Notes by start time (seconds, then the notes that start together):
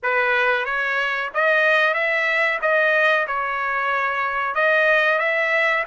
0.03 B4
0.65 C#5
1.34 D#5
1.94 E5
2.61 D#5
3.27 C#5
4.54 D#5
5.18 E5